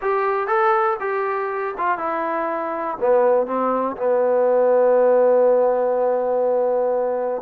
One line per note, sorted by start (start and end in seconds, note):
0.01 0.47 G4
0.47 0.96 A4
1.00 1.74 G4
1.77 1.98 F4
1.98 2.97 E4
3.00 3.46 B3
3.46 3.96 C4
3.97 7.42 B3